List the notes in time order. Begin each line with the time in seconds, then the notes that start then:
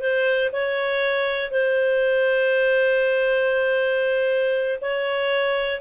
0.00 C5
0.52 C#5
1.51 C5
4.81 C#5